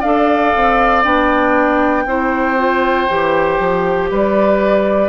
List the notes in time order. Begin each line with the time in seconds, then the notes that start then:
0.00 D4 A4 D5 F5
0.56 C4
1.04 B3 D4 G5
2.06 C4 E4 C5
2.57 F4
3.10 E3 G4
3.59 F3
4.11 G3 B4 D5